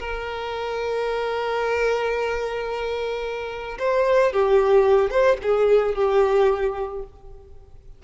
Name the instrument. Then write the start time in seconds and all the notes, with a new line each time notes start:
violin
0.00 A#4
3.79 C5
4.33 G4
5.11 C5
5.43 G#4
5.95 G4